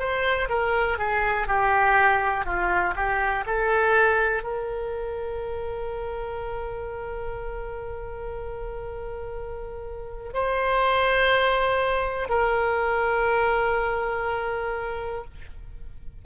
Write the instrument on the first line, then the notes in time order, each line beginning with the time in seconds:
oboe
0.00 C5
0.50 A#4
0.99 G#4
1.48 G4
2.46 F4
2.96 G4
3.47 A4
4.44 A#4
10.34 C5
12.30 A#4